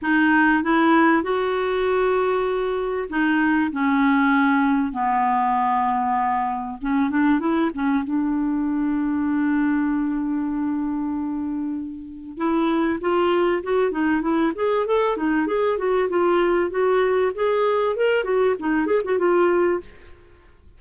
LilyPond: \new Staff \with { instrumentName = "clarinet" } { \time 4/4 \tempo 4 = 97 dis'4 e'4 fis'2~ | fis'4 dis'4 cis'2 | b2. cis'8 d'8 | e'8 cis'8 d'2.~ |
d'1 | e'4 f'4 fis'8 dis'8 e'8 gis'8 | a'8 dis'8 gis'8 fis'8 f'4 fis'4 | gis'4 ais'8 fis'8 dis'8 gis'16 fis'16 f'4 | }